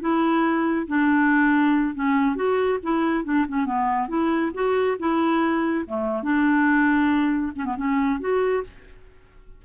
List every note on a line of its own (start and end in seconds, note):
0.00 0.86 E4
0.87 1.94 D4
1.94 2.35 C#4
2.35 2.78 F#4
2.83 3.24 E4
3.24 3.46 D4
3.48 3.65 C#4
3.65 4.08 B3
4.08 4.51 E4
4.54 4.97 F#4
4.99 5.85 E4
5.86 6.22 A3
6.22 7.52 D4
7.55 7.65 C#4
7.65 7.76 B3
7.76 8.19 C#4
8.20 8.63 F#4